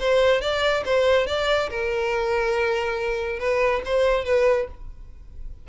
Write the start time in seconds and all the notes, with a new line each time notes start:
0.00 C5
0.41 D5
0.85 C5
1.27 D5
1.70 A#4
3.39 B4
3.85 C5
4.25 B4